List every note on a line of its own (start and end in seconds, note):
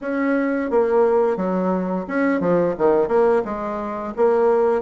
0.01 0.70 C#4
0.70 1.36 A#3
1.36 2.05 F#3
2.07 2.40 C#4
2.40 2.74 F3
2.77 3.08 D#3
3.08 3.42 A#3
3.45 4.13 G#3
4.16 4.81 A#3